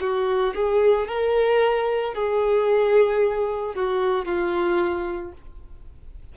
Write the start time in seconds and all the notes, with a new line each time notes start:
0.00 F#4
0.55 G#4
1.07 A#4
2.14 G#4
3.75 F#4
4.25 F4